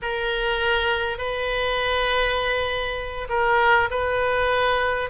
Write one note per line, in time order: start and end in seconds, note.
0.01 1.18 A#4
1.18 3.28 B4
3.29 3.89 A#4
3.90 5.09 B4